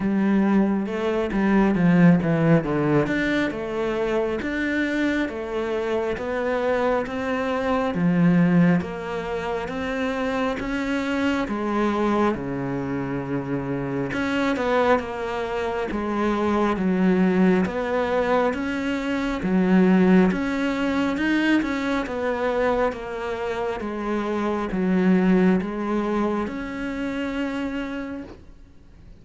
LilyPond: \new Staff \with { instrumentName = "cello" } { \time 4/4 \tempo 4 = 68 g4 a8 g8 f8 e8 d8 d'8 | a4 d'4 a4 b4 | c'4 f4 ais4 c'4 | cis'4 gis4 cis2 |
cis'8 b8 ais4 gis4 fis4 | b4 cis'4 fis4 cis'4 | dis'8 cis'8 b4 ais4 gis4 | fis4 gis4 cis'2 | }